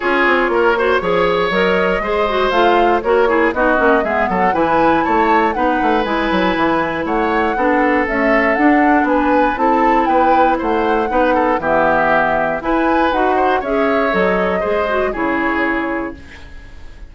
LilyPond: <<
  \new Staff \with { instrumentName = "flute" } { \time 4/4 \tempo 4 = 119 cis''2. dis''4~ | dis''4 f''4 cis''4 dis''4 | e''8 fis''8 gis''4 a''4 fis''4 | gis''2 fis''2 |
e''4 fis''4 gis''4 a''4 | g''4 fis''2 e''4~ | e''4 gis''4 fis''4 e''4 | dis''2 cis''2 | }
  \new Staff \with { instrumentName = "oboe" } { \time 4/4 gis'4 ais'8 c''8 cis''2 | c''2 ais'8 gis'8 fis'4 | gis'8 a'8 b'4 cis''4 b'4~ | b'2 cis''4 a'4~ |
a'2 b'4 a'4 | b'4 c''4 b'8 a'8 g'4~ | g'4 b'4. c''8 cis''4~ | cis''4 c''4 gis'2 | }
  \new Staff \with { instrumentName = "clarinet" } { \time 4/4 f'4. fis'8 gis'4 ais'4 | gis'8 fis'8 f'4 fis'8 e'8 dis'8 cis'8 | b4 e'2 dis'4 | e'2. d'4 |
a4 d'2 e'4~ | e'2 dis'4 b4~ | b4 e'4 fis'4 gis'4 | a'4 gis'8 fis'8 e'2 | }
  \new Staff \with { instrumentName = "bassoon" } { \time 4/4 cis'8 c'8 ais4 f4 fis4 | gis4 a4 ais4 b8 ais8 | gis8 fis8 e4 a4 b8 a8 | gis8 fis8 e4 a4 b4 |
cis'4 d'4 b4 c'4 | b4 a4 b4 e4~ | e4 e'4 dis'4 cis'4 | fis4 gis4 cis2 | }
>>